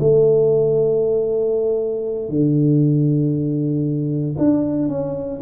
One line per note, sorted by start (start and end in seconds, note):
0.00 2.29 A3
2.29 4.36 D3
4.38 4.89 D4
4.89 5.41 C#4